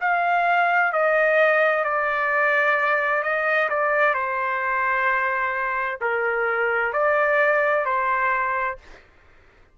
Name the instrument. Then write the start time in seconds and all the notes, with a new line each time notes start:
trumpet
0.00 F5
0.92 D#5
1.84 D5
3.23 D#5
3.69 D5
4.14 C5
6.00 A#4
6.93 D5
7.85 C5